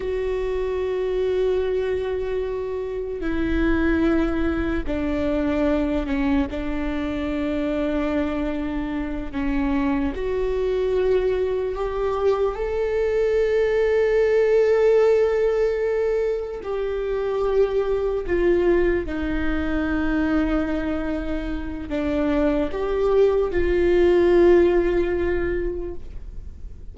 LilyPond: \new Staff \with { instrumentName = "viola" } { \time 4/4 \tempo 4 = 74 fis'1 | e'2 d'4. cis'8 | d'2.~ d'8 cis'8~ | cis'8 fis'2 g'4 a'8~ |
a'1~ | a'8 g'2 f'4 dis'8~ | dis'2. d'4 | g'4 f'2. | }